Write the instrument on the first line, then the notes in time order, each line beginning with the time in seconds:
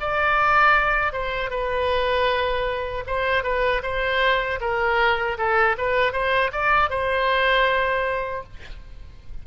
oboe
0.00 D5
1.12 C5
1.50 B4
3.06 C5
3.43 B4
3.82 C5
4.60 A#4
5.37 A4
5.78 B4
6.13 C5
6.52 D5
6.90 C5